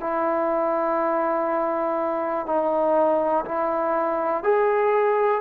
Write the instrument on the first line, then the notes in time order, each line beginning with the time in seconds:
trombone
0.00 E4
2.46 D#4
3.45 E4
4.44 G#4